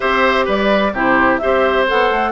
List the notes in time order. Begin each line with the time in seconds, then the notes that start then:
0.00 C4 G4 C5 E5
0.45 G3 B4 D5
0.93 C3 E4 G4 C5
1.38 C4 G4 C5 E5
1.87 B3 A4 F#5
2.10 A3